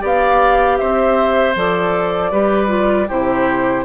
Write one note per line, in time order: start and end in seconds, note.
0.00 0.80 B3
0.00 1.54 G4
0.00 0.78 D5
0.06 0.78 F5
0.78 1.56 C4
0.78 2.31 C5
0.78 1.55 E5
1.56 2.32 F3
1.56 2.32 A4
1.56 3.10 D5
2.31 3.09 G3
2.31 2.68 G4
2.31 3.08 B4
2.68 3.06 F4
3.08 3.85 C3
3.08 3.85 E4
3.08 3.85 G4
3.08 3.85 C5